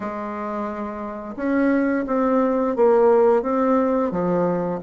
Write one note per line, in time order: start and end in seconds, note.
0.00 1.35 G#3
1.36 2.05 C#4
2.07 2.76 C4
2.76 3.42 A#3
3.42 4.11 C4
4.11 4.80 F3